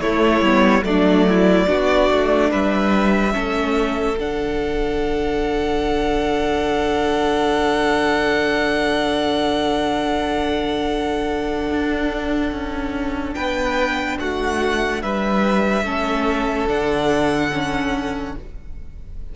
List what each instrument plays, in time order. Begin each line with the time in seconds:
0.00 cello A3, viola A3, violin E4 C#5
0.40 cello G3, viola B3
0.83 cello F#3, viola A3, violin D4 D5
1.28 violin E4
1.67 cello B3, viola D4, violin F#4
2.11 cello A3
2.50 cello G3, violin B4 E5
3.32 cello A3, viola C#4, violin A4
4.18 cello D3, viola D4, violin F#5
11.70 cello D4
12.51 cello C#4
13.34 cello B3, violin B4 G5
14.19 cello A3, violin F#4 F#5
15.02 cello G3, violin B4 E5
15.82 cello A3, viola C#4, violin A4
16.68 cello D3, viola D4, violin F#5
17.52 viola C#4